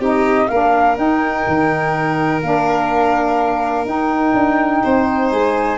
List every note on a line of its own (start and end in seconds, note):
0.00 0.48 C4
0.00 0.49 D#4
0.00 0.48 G4
0.00 0.48 D#5
0.48 0.97 A#3
0.48 0.97 D4
0.48 4.83 A#4
0.48 0.96 F5
0.97 2.41 D#4
0.97 1.45 D#4
0.97 2.43 G5
1.48 2.43 D#3
2.43 3.86 A#3
2.43 3.86 D4
2.43 3.87 F5
3.86 4.34 D#4
3.86 5.78 D#4
3.86 5.31 G5
4.34 4.82 D4
4.83 5.32 C4
4.83 5.78 C5
5.31 5.78 G#3
5.31 5.78 G#5